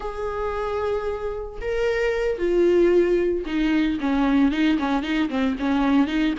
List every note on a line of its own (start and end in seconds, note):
0.00 1.59 G#4
1.61 2.38 A#4
2.38 3.44 F4
3.45 3.98 D#4
4.00 4.51 C#4
4.51 4.78 D#4
4.78 5.02 C#4
5.02 5.29 D#4
5.29 5.56 C4
5.59 6.07 C#4
6.07 6.33 D#4